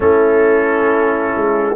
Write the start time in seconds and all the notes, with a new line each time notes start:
0.00 A3 C#4 E4 A4
1.35 G#3